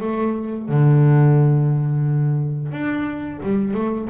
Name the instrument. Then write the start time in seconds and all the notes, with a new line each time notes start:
double bass
0.00 A3
0.68 D3
2.71 D4
3.42 G3
3.74 A3